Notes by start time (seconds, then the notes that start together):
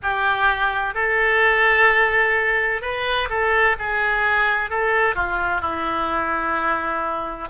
0.02 G4
0.94 A4
2.81 B4
3.29 A4
3.78 G#4
4.70 A4
5.15 F4
5.61 E4